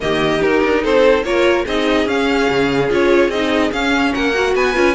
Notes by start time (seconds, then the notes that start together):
0.00 D#3 A#3 G4 D#5
0.41 D#4 A#4
0.63 D4
0.82 C4 A4 C5
1.24 A#3 F4 A#4 C#5
1.65 C4 D#4 G#4 D#5
2.06 C#4 F5
2.49 C#3
2.89 C#4 F4 C#5
3.29 C4 D#4 D#5
3.71 C#4 F5
4.13 A#3 A#4 F#5
4.34 F#4
4.55 B3 B4 G#5
4.73 C#4 F4